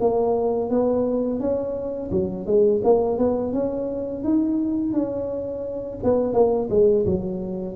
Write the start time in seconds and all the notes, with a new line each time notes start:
0.00 A#3
0.70 B3
1.40 C#4
2.11 F#3
2.46 G#3
2.84 A#3
3.18 B3
3.53 C#4
4.24 D#4
4.93 C#4
6.03 B3
6.33 A#3
6.70 G#3
7.06 F#3